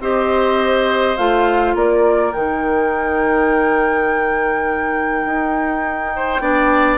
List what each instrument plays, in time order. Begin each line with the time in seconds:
0.00 bassoon C4, clarinet G4, oboe C5, flute D#5
1.17 bassoon A3, clarinet F4, flute F5
1.75 bassoon A#3, oboe A#4, flute D5
2.33 bassoon D#3, clarinet D#4, flute G5
5.25 bassoon D#4
6.16 oboe C5
6.40 bassoon B3, clarinet D4, oboe D5